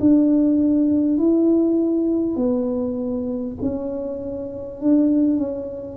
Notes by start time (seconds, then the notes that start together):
0.00 D4
1.18 E4
2.36 B3
3.62 C#4
4.81 D4
5.37 C#4